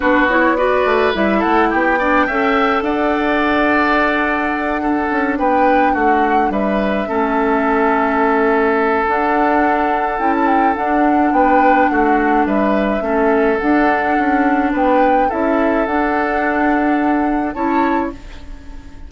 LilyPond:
<<
  \new Staff \with { instrumentName = "flute" } { \time 4/4 \tempo 4 = 106 b'8 cis''8 d''4 e''8 fis''8 g''4~ | g''4 fis''2.~ | fis''4. g''4 fis''4 e''8~ | e''1 |
fis''2 g''16 a''16 g''8 fis''4 | g''4 fis''4 e''2 | fis''2 g''4 e''4 | fis''2. a''4 | }
  \new Staff \with { instrumentName = "oboe" } { \time 4/4 fis'4 b'4. a'8 g'8 d''8 | e''4 d''2.~ | d''8 a'4 b'4 fis'4 b'8~ | b'8 a'2.~ a'8~ |
a'1 | b'4 fis'4 b'4 a'4~ | a'2 b'4 a'4~ | a'2. cis''4 | }
  \new Staff \with { instrumentName = "clarinet" } { \time 4/4 d'8 e'8 fis'4 e'4. d'8 | a'1~ | a'8 d'2.~ d'8~ | d'8 cis'2.~ cis'8 |
d'2 e'4 d'4~ | d'2. cis'4 | d'2. e'4 | d'2. e'4 | }
  \new Staff \with { instrumentName = "bassoon" } { \time 4/4 b4. a8 g8 a8 b4 | cis'4 d'2.~ | d'4 cis'8 b4 a4 g8~ | g8 a2.~ a8 |
d'2 cis'4 d'4 | b4 a4 g4 a4 | d'4 cis'4 b4 cis'4 | d'2. cis'4 | }
>>